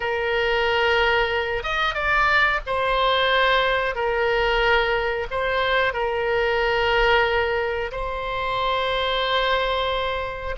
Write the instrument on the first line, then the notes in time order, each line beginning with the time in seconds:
oboe
0.00 A#4
1.63 D#5
1.94 D5
2.66 C5
3.95 A#4
5.30 C5
5.93 A#4
7.91 C5